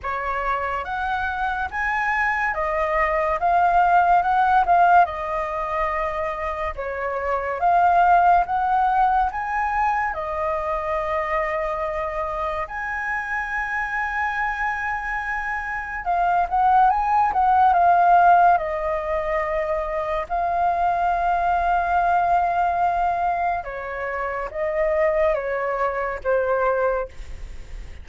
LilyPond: \new Staff \with { instrumentName = "flute" } { \time 4/4 \tempo 4 = 71 cis''4 fis''4 gis''4 dis''4 | f''4 fis''8 f''8 dis''2 | cis''4 f''4 fis''4 gis''4 | dis''2. gis''4~ |
gis''2. f''8 fis''8 | gis''8 fis''8 f''4 dis''2 | f''1 | cis''4 dis''4 cis''4 c''4 | }